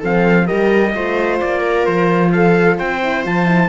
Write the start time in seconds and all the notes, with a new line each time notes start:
0.00 F3 C4 A4 F5
0.46 G4 A#4 D#5
0.52 G3
0.95 A3 F4 C5
1.40 A#3 D5
1.61 A#4
1.86 F3 C5
2.32 A4 F5
2.79 C4 C5 G5
3.03 E4
3.24 F3 F4 A5
3.46 E4